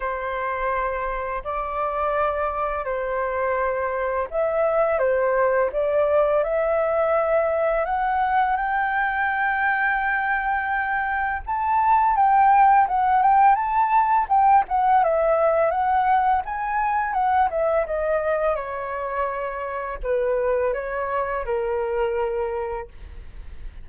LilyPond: \new Staff \with { instrumentName = "flute" } { \time 4/4 \tempo 4 = 84 c''2 d''2 | c''2 e''4 c''4 | d''4 e''2 fis''4 | g''1 |
a''4 g''4 fis''8 g''8 a''4 | g''8 fis''8 e''4 fis''4 gis''4 | fis''8 e''8 dis''4 cis''2 | b'4 cis''4 ais'2 | }